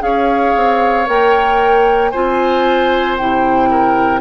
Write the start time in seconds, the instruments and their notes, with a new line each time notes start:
0.00 bassoon C#4, clarinet G#4, oboe C#5, flute F5
0.56 bassoon C4
1.06 bassoon A#3, clarinet A#4, flute G5
2.11 bassoon C4, clarinet F4, oboe C5, flute G#5
3.18 bassoon C3, clarinet E4, flute G5
3.71 oboe A#4